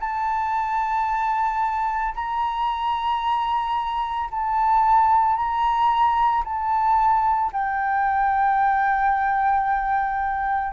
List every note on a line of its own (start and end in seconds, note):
0.00 2.14 A5
2.15 4.29 A#5
4.31 5.36 A5
5.36 6.43 A#5
6.44 7.51 A5
7.52 10.73 G5